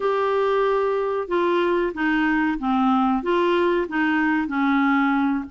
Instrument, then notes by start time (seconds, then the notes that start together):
clarinet
0.00 G4
1.28 F4
1.94 D#4
2.58 C4
3.23 F4
3.88 D#4
4.47 C#4